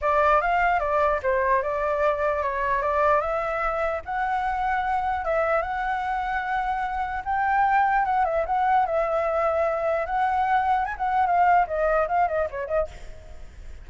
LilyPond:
\new Staff \with { instrumentName = "flute" } { \time 4/4 \tempo 4 = 149 d''4 f''4 d''4 c''4 | d''2 cis''4 d''4 | e''2 fis''2~ | fis''4 e''4 fis''2~ |
fis''2 g''2 | fis''8 e''8 fis''4 e''2~ | e''4 fis''2 gis''16 fis''8. | f''4 dis''4 f''8 dis''8 cis''8 dis''8 | }